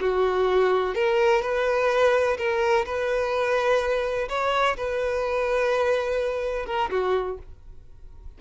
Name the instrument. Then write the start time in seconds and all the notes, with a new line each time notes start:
violin
0.00 F#4
0.95 A#4
1.42 B4
2.38 A#4
2.85 B4
4.29 C#5
4.77 B4
6.66 A#4
6.90 F#4